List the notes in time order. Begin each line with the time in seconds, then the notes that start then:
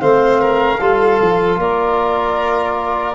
0.00 A3 C4 C5 F5
0.41 A#4
0.80 G3 F4 A4
1.21 F3
1.57 A#3 A#4 D5